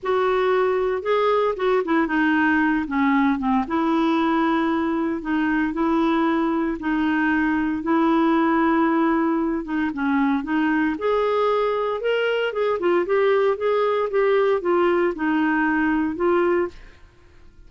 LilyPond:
\new Staff \with { instrumentName = "clarinet" } { \time 4/4 \tempo 4 = 115 fis'2 gis'4 fis'8 e'8 | dis'4. cis'4 c'8 e'4~ | e'2 dis'4 e'4~ | e'4 dis'2 e'4~ |
e'2~ e'8 dis'8 cis'4 | dis'4 gis'2 ais'4 | gis'8 f'8 g'4 gis'4 g'4 | f'4 dis'2 f'4 | }